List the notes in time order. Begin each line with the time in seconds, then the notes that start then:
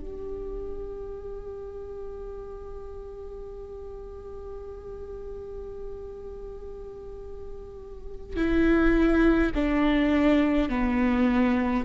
0.00 G4
8.36 E4
9.55 D4
10.69 B3